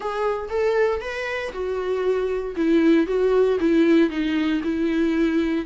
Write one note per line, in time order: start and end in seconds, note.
0.00 0.48 G#4
0.49 1.00 A4
1.00 1.52 B4
1.52 2.55 F#4
2.56 3.06 E4
3.06 3.58 F#4
3.59 4.09 E4
4.09 4.61 D#4
4.63 5.65 E4